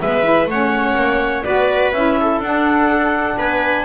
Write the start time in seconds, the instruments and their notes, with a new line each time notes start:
0.00 double bass G#3, saxophone B3, viola B4, clarinet E5
0.23 saxophone E4
0.46 double bass A3, saxophone C#4, viola C#5, clarinet F#5
0.95 double bass A#3
1.43 double bass B3, saxophone F#4, viola B4, clarinet D5
1.92 double bass C#4, saxophone E4, clarinet E5
2.20 viola A4
2.40 double bass D4, saxophone D4, clarinet F#5
3.38 double bass B3, viola B4, clarinet G#5